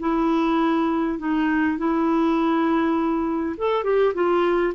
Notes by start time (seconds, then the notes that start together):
0.00 E4
1.19 D#4
1.78 E4
3.58 A4
3.84 G4
4.14 F4